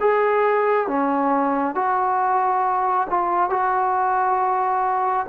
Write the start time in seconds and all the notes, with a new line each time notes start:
0.00 G#4
0.87 C#4
1.75 F#4
3.10 F4
3.49 F#4